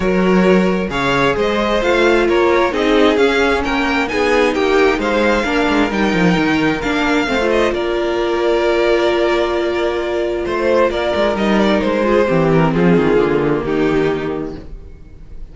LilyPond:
<<
  \new Staff \with { instrumentName = "violin" } { \time 4/4 \tempo 4 = 132 cis''2 f''4 dis''4 | f''4 cis''4 dis''4 f''4 | g''4 gis''4 g''4 f''4~ | f''4 g''2 f''4~ |
f''8 dis''8 d''2.~ | d''2. c''4 | d''4 dis''8 d''8 c''4. ais'8 | gis'2 g'2 | }
  \new Staff \with { instrumentName = "violin" } { \time 4/4 ais'2 cis''4 c''4~ | c''4 ais'4 gis'2 | ais'4 gis'4 g'4 c''4 | ais'1 |
c''4 ais'2.~ | ais'2. c''4 | ais'2~ ais'8 gis'8 g'4 | f'2 dis'2 | }
  \new Staff \with { instrumentName = "viola" } { \time 4/4 fis'2 gis'2 | f'2 dis'4 cis'4~ | cis'4 dis'2. | d'4 dis'2 d'4 |
c'16 f'2.~ f'8.~ | f'1~ | f'4 dis'4. f'8 c'4~ | c'4 ais2. | }
  \new Staff \with { instrumentName = "cello" } { \time 4/4 fis2 cis4 gis4 | a4 ais4 c'4 cis'4 | ais4 b4 ais4 gis4 | ais8 gis8 g8 f8 dis4 ais4 |
a4 ais2.~ | ais2. a4 | ais8 gis8 g4 gis4 e4 | f8 dis8 d4 dis2 | }
>>